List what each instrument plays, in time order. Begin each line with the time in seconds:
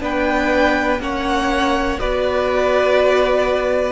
0.00 cello B3, viola D4, violin B4 G5
0.99 cello A#3, viola C#4, violin C#5 F#5
1.99 cello B3, viola F#4, violin B4 D5